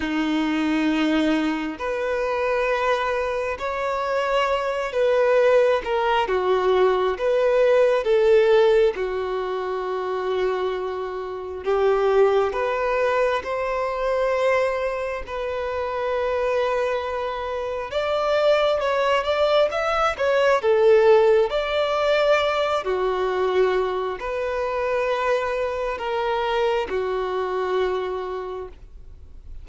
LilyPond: \new Staff \with { instrumentName = "violin" } { \time 4/4 \tempo 4 = 67 dis'2 b'2 | cis''4. b'4 ais'8 fis'4 | b'4 a'4 fis'2~ | fis'4 g'4 b'4 c''4~ |
c''4 b'2. | d''4 cis''8 d''8 e''8 cis''8 a'4 | d''4. fis'4. b'4~ | b'4 ais'4 fis'2 | }